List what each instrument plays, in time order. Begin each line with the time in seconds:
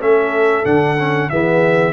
0.00 tuba A3, trombone C#4, horn A4, trumpet E5
0.64 tuba D3, trombone D4, trumpet F#5
0.99 trombone C#4
1.30 tuba E3, trombone B3, horn G#4, trumpet E5